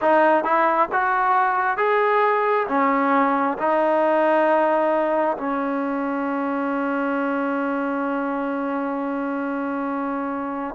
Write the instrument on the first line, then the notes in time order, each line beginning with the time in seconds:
trombone
0.01 D#4
0.44 E4
0.92 F#4
1.77 G#4
2.68 C#4
3.57 D#4
5.37 C#4